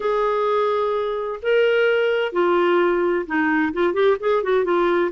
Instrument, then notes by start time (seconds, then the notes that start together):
clarinet
0.00 G#4
1.42 A#4
2.32 F4
3.26 D#4
3.73 F4
3.93 G4
4.20 G#4
4.43 F#4
4.64 F4